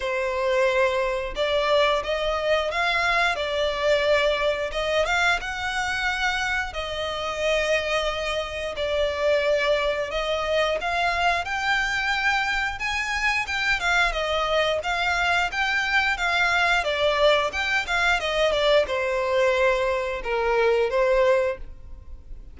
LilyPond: \new Staff \with { instrumentName = "violin" } { \time 4/4 \tempo 4 = 89 c''2 d''4 dis''4 | f''4 d''2 dis''8 f''8 | fis''2 dis''2~ | dis''4 d''2 dis''4 |
f''4 g''2 gis''4 | g''8 f''8 dis''4 f''4 g''4 | f''4 d''4 g''8 f''8 dis''8 d''8 | c''2 ais'4 c''4 | }